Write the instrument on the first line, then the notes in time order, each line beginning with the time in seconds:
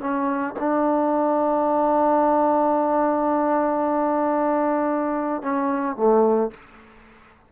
trombone
0.00 C#4
0.59 D4
5.42 C#4
5.96 A3